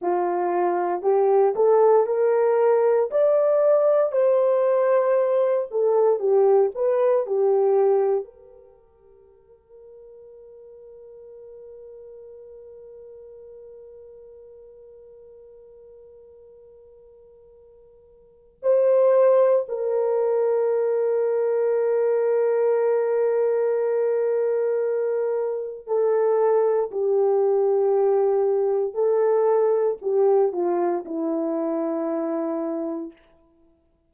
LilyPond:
\new Staff \with { instrumentName = "horn" } { \time 4/4 \tempo 4 = 58 f'4 g'8 a'8 ais'4 d''4 | c''4. a'8 g'8 b'8 g'4 | ais'1~ | ais'1~ |
ais'2 c''4 ais'4~ | ais'1~ | ais'4 a'4 g'2 | a'4 g'8 f'8 e'2 | }